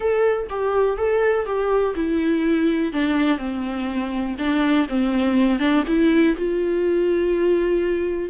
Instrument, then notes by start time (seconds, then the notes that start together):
viola
0.00 A4
0.49 G4
0.97 A4
1.45 G4
1.95 E4
2.92 D4
3.38 C4
4.38 D4
4.88 C4
5.59 D4
5.87 E4
6.37 F4